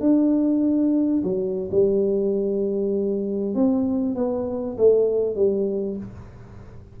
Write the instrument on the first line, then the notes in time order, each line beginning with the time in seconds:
tuba
0.00 D4
1.23 F#3
1.71 G3
3.54 C4
4.15 B3
4.77 A3
5.35 G3